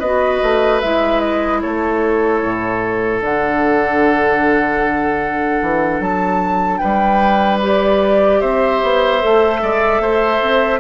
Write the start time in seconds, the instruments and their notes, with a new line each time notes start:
0.00 bassoon B3, clarinet F#4, oboe B4, flute D#5
0.43 bassoon A3
0.81 bassoon G#3, clarinet E4, flute E5
1.21 flute D#5
1.62 bassoon A3, oboe A4, flute C#5
2.43 bassoon A2
3.22 bassoon D3, clarinet D4, flute F#5
5.62 bassoon E3
6.00 bassoon F#3, flute A5
6.78 bassoon G3, oboe B4, flute G5
7.63 clarinet G4, flute D5
8.41 bassoon C4, oboe C5, flute E5
8.84 bassoon B3
9.21 bassoon A3, clarinet A4
9.62 bassoon G#3, oboe D5
10.00 bassoon A3, oboe C5
10.42 bassoon C4